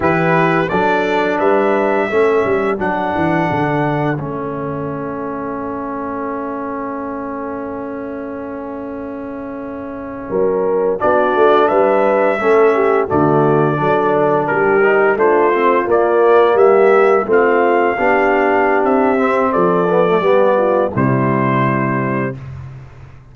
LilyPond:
<<
  \new Staff \with { instrumentName = "trumpet" } { \time 4/4 \tempo 4 = 86 b'4 d''4 e''2 | fis''2 e''2~ | e''1~ | e''2.~ e''8. d''16~ |
d''8. e''2 d''4~ d''16~ | d''8. ais'4 c''4 d''4 e''16~ | e''8. f''2~ f''16 e''4 | d''2 c''2 | }
  \new Staff \with { instrumentName = "horn" } { \time 4/4 g'4 a'4 b'4 a'4~ | a'1~ | a'1~ | a'2~ a'8. ais'4 fis'16~ |
fis'8. b'4 a'8 g'8 fis'4 a'16~ | a'8. g'4 f'2 g'16~ | g'8. f'4 g'2~ g'16 | a'4 g'8 f'8 e'2 | }
  \new Staff \with { instrumentName = "trombone" } { \time 4/4 e'4 d'2 cis'4 | d'2 cis'2~ | cis'1~ | cis'2.~ cis'8. d'16~ |
d'4.~ d'16 cis'4 a4 d'16~ | d'4~ d'16 dis'8 d'8 c'8 ais4~ ais16~ | ais8. c'4 d'4.~ d'16 c'8~ | c'8 b16 a16 b4 g2 | }
  \new Staff \with { instrumentName = "tuba" } { \time 4/4 e4 fis4 g4 a8 g8 | fis8 e8 d4 a2~ | a1~ | a2~ a8. fis4 b16~ |
b16 a8 g4 a4 d4 fis16~ | fis8. g4 a4 ais4 g16~ | g8. a4 b4~ b16 c'4 | f4 g4 c2 | }
>>